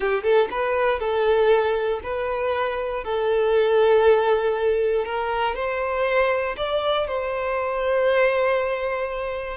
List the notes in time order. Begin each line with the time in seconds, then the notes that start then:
0.00 G4
0.23 A4
0.50 B4
0.99 A4
2.03 B4
3.04 A4
5.05 A#4
5.55 C5
6.56 D5
7.07 C5